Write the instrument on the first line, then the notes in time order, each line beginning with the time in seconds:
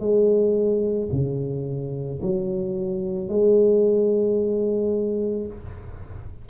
tuba
0.00 G#3
1.12 C#3
2.22 F#3
3.29 G#3